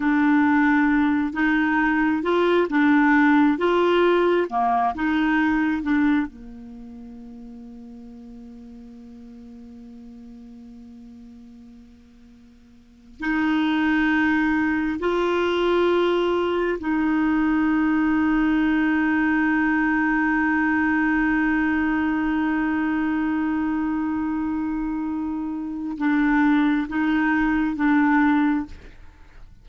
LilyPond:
\new Staff \with { instrumentName = "clarinet" } { \time 4/4 \tempo 4 = 67 d'4. dis'4 f'8 d'4 | f'4 ais8 dis'4 d'8 ais4~ | ais1~ | ais2~ ais8. dis'4~ dis'16~ |
dis'8. f'2 dis'4~ dis'16~ | dis'1~ | dis'1~ | dis'4 d'4 dis'4 d'4 | }